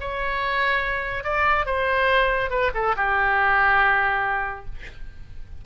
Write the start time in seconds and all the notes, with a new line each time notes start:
0.00 C#5
1.23 D5
1.66 C5
2.50 B4
2.74 A4
2.96 G4